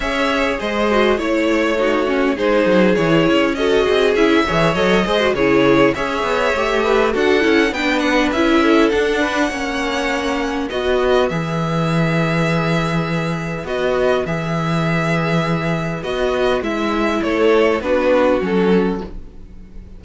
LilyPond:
<<
  \new Staff \with { instrumentName = "violin" } { \time 4/4 \tempo 4 = 101 e''4 dis''4 cis''2 | c''4 cis''4 dis''4 e''4 | dis''4 cis''4 e''2 | fis''4 g''8 fis''8 e''4 fis''4~ |
fis''2 dis''4 e''4~ | e''2. dis''4 | e''2. dis''4 | e''4 cis''4 b'4 a'4 | }
  \new Staff \with { instrumentName = "violin" } { \time 4/4 cis''4 c''4 cis''4 fis'4 | gis'2 a'8 gis'4 cis''8~ | cis''8 c''8 gis'4 cis''4. b'8 | a'4 b'4. a'4 b'8 |
cis''2 b'2~ | b'1~ | b'1~ | b'4 a'4 fis'2 | }
  \new Staff \with { instrumentName = "viola" } { \time 4/4 gis'4. fis'8 e'4 dis'8 cis'8 | dis'4 e'4 fis'4 e'8 gis'8 | a'8 gis'16 fis'16 e'4 gis'4 g'4 | fis'8 e'8 d'4 e'4 d'4 |
cis'2 fis'4 gis'4~ | gis'2. fis'4 | gis'2. fis'4 | e'2 d'4 cis'4 | }
  \new Staff \with { instrumentName = "cello" } { \time 4/4 cis'4 gis4 a2 | gis8 fis8 e8 cis'4 c'8 cis'8 e8 | fis8 gis8 cis4 cis'8 b8 a4 | d'8 cis'8 b4 cis'4 d'4 |
ais2 b4 e4~ | e2. b4 | e2. b4 | gis4 a4 b4 fis4 | }
>>